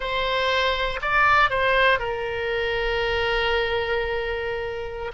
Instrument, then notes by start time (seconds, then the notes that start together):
oboe
0.00 C5
1.01 D5
1.50 C5
1.99 A#4